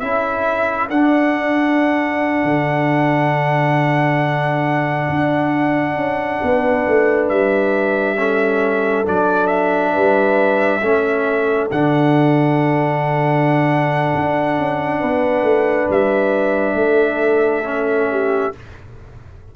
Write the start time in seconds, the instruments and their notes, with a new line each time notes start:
0.00 tuba C#4, trombone E4, horn A4, trumpet E5
0.90 tuba D4, trombone D4, trumpet F#5
2.44 tuba D3
5.09 tuba D4
5.96 tuba C#4
6.42 tuba B3, horn B4
6.88 tuba A3
7.29 tuba G3, trumpet E5
8.18 trombone C#4, horn A4
9.05 tuba F#3, trombone D4, trumpet D5
9.47 trumpet E5
9.93 tuba G3, horn B4
10.81 tuba A3, trombone C#4, horn A4
11.72 tuba D3, trombone D4, trumpet F#5
14.15 tuba D4
14.59 tuba C#4
15.00 tuba B3, horn B4
15.43 tuba A3
15.90 tuba G3, trumpet E5
16.75 tuba A3, horn A4
17.65 trombone C#4
18.11 horn G4